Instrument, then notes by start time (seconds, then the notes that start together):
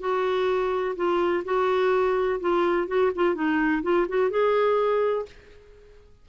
clarinet
0.00 F#4
0.96 F4
1.45 F#4
2.40 F4
2.87 F#4
3.15 F4
3.35 D#4
3.83 F4
4.08 F#4
4.31 G#4